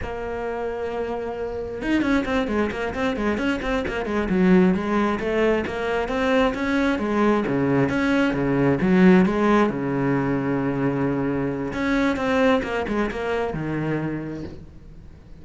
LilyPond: \new Staff \with { instrumentName = "cello" } { \time 4/4 \tempo 4 = 133 ais1 | dis'8 cis'8 c'8 gis8 ais8 c'8 gis8 cis'8 | c'8 ais8 gis8 fis4 gis4 a8~ | a8 ais4 c'4 cis'4 gis8~ |
gis8 cis4 cis'4 cis4 fis8~ | fis8 gis4 cis2~ cis8~ | cis2 cis'4 c'4 | ais8 gis8 ais4 dis2 | }